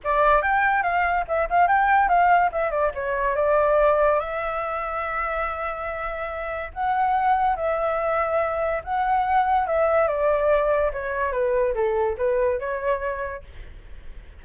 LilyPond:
\new Staff \with { instrumentName = "flute" } { \time 4/4 \tempo 4 = 143 d''4 g''4 f''4 e''8 f''8 | g''4 f''4 e''8 d''8 cis''4 | d''2 e''2~ | e''1 |
fis''2 e''2~ | e''4 fis''2 e''4 | d''2 cis''4 b'4 | a'4 b'4 cis''2 | }